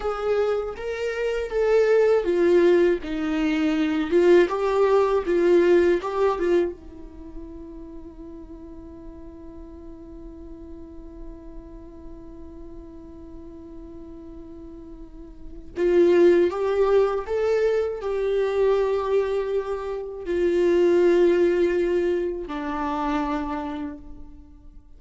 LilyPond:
\new Staff \with { instrumentName = "viola" } { \time 4/4 \tempo 4 = 80 gis'4 ais'4 a'4 f'4 | dis'4. f'8 g'4 f'4 | g'8 f'8 e'2.~ | e'1~ |
e'1~ | e'4 f'4 g'4 a'4 | g'2. f'4~ | f'2 d'2 | }